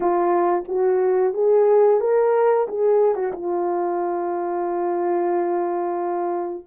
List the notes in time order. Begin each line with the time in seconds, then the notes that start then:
0.00 F4
0.68 F#4
1.33 G#4
2.00 A#4
2.68 G#4
3.15 F#4
3.32 F4